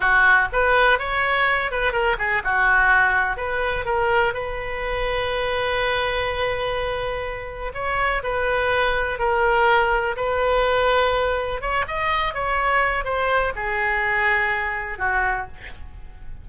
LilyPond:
\new Staff \with { instrumentName = "oboe" } { \time 4/4 \tempo 4 = 124 fis'4 b'4 cis''4. b'8 | ais'8 gis'8 fis'2 b'4 | ais'4 b'2.~ | b'1 |
cis''4 b'2 ais'4~ | ais'4 b'2. | cis''8 dis''4 cis''4. c''4 | gis'2. fis'4 | }